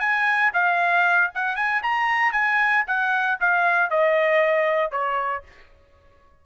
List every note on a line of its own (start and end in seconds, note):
0.00 0.52 G#5
0.54 1.31 F5
1.35 1.56 F#5
1.56 1.82 G#5
1.83 2.33 A#5
2.33 2.84 G#5
2.87 3.39 F#5
3.41 3.91 F5
3.91 4.92 D#5
4.92 5.44 C#5